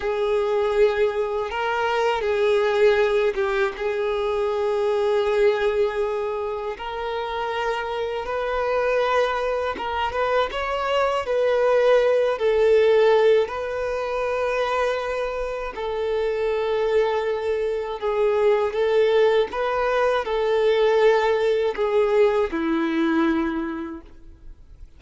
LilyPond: \new Staff \with { instrumentName = "violin" } { \time 4/4 \tempo 4 = 80 gis'2 ais'4 gis'4~ | gis'8 g'8 gis'2.~ | gis'4 ais'2 b'4~ | b'4 ais'8 b'8 cis''4 b'4~ |
b'8 a'4. b'2~ | b'4 a'2. | gis'4 a'4 b'4 a'4~ | a'4 gis'4 e'2 | }